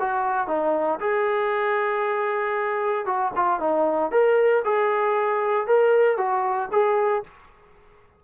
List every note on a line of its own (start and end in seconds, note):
0.00 0.48 F#4
0.48 1.00 D#4
1.00 3.06 G#4
3.06 3.32 F#4
3.36 3.60 F4
3.60 4.12 D#4
4.12 4.63 A#4
4.65 5.68 G#4
5.68 6.18 A#4
6.18 6.70 F#4
6.72 7.24 G#4